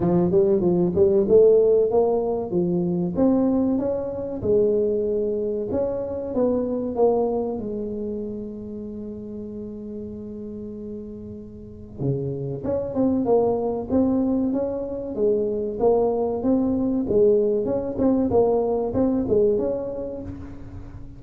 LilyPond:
\new Staff \with { instrumentName = "tuba" } { \time 4/4 \tempo 4 = 95 f8 g8 f8 g8 a4 ais4 | f4 c'4 cis'4 gis4~ | gis4 cis'4 b4 ais4 | gis1~ |
gis2. cis4 | cis'8 c'8 ais4 c'4 cis'4 | gis4 ais4 c'4 gis4 | cis'8 c'8 ais4 c'8 gis8 cis'4 | }